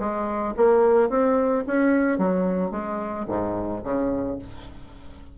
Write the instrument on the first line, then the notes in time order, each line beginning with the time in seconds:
bassoon
0.00 G#3
0.57 A#3
1.10 C4
1.68 C#4
2.19 F#3
2.71 G#3
3.29 G#2
3.84 C#3